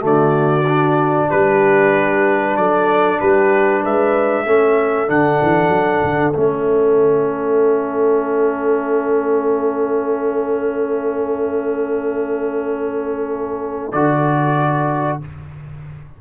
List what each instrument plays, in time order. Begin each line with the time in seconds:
0.00 tuba D3, trombone A3, horn F#4
0.06 trumpet D5
0.69 trombone D4
1.29 tuba G3, horn G4, trumpet B4
2.57 tuba F#3, horn A4, trumpet D5
3.20 tuba G3, horn G4, trumpet B4
3.82 tuba G#3, horn B4, trumpet E5
4.46 tuba A3, trombone C#4, horn A4
5.07 tuba D3, trombone D4, trumpet F#5
5.43 tuba E3
5.69 tuba F#3
6.04 tuba D3
6.33 tuba A3, trombone C#4, trumpet E5
13.92 tuba D3, trombone F#4, trumpet D5